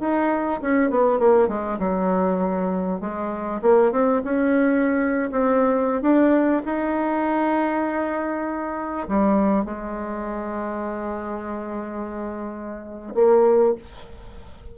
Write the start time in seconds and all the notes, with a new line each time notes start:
0.00 D#4
0.61 C#4
0.90 B3
1.19 A#3
1.48 G#3
1.79 F#3
3.01 G#3
3.62 A#3
3.92 C4
4.24 C#4
5.32 C4
6.02 D4
6.66 D#4
9.08 G3
9.65 G#3
13.15 A#3